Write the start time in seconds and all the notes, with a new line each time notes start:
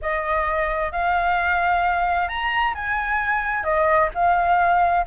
0.01 D#5
0.92 F5
2.28 A#5
2.74 G#5
3.63 D#5
4.14 F5